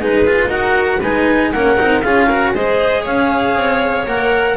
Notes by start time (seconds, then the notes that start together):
0.00 G#3 D#4 G#4 B4
0.26 F4
0.47 D#4 F#4 A#4 F#5
1.00 G#3 D#4 B4 G#5
1.52 A#3 C#4 A#4 F#5
1.77 C4 D#4
2.02 C#4 F4 G#4 F5
2.27 F#4 A#4
2.54 G#3 G#4 C5 D#5
3.02 C#4 C#5 F5
3.55 C4
4.06 A#3 A#4 F#5